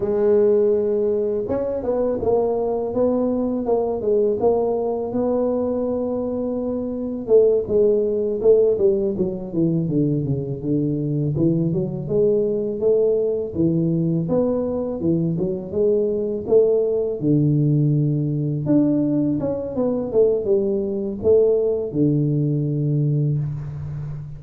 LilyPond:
\new Staff \with { instrumentName = "tuba" } { \time 4/4 \tempo 4 = 82 gis2 cis'8 b8 ais4 | b4 ais8 gis8 ais4 b4~ | b2 a8 gis4 a8 | g8 fis8 e8 d8 cis8 d4 e8 |
fis8 gis4 a4 e4 b8~ | b8 e8 fis8 gis4 a4 d8~ | d4. d'4 cis'8 b8 a8 | g4 a4 d2 | }